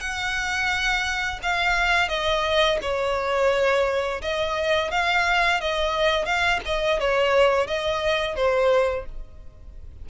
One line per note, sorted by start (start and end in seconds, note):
0.00 1.40 F#5
1.42 2.08 F5
2.08 2.78 D#5
2.82 4.21 C#5
4.21 4.91 D#5
4.91 5.60 F5
5.60 6.25 D#5
6.25 6.60 F5
6.65 6.99 D#5
6.99 7.67 C#5
7.67 8.35 D#5
8.35 9.05 C5